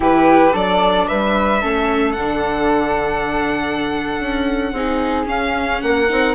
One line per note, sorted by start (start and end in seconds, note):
0.00 0.53 E3
0.00 0.52 E4
0.00 0.52 G4
0.00 0.56 B4
0.52 1.08 F#3
0.52 1.60 D4
0.52 1.07 A4
0.52 1.07 D5
1.07 1.63 G3
1.07 1.61 B4
1.07 2.12 E5
1.61 2.17 A3
1.61 2.15 C#4
1.61 4.72 A4
2.12 4.19 D3
2.12 5.23 F#5
2.19 4.75 D4
4.19 4.72 C#4
4.72 5.26 C4
4.72 5.25 D#4
4.72 5.82 G#4
5.25 6.06 C#4
5.25 5.81 C#4
5.25 5.81 F5
5.81 6.10 A#3
5.81 6.35 A#4
5.81 6.35 F#5
6.09 6.35 C4
6.09 6.35 D#4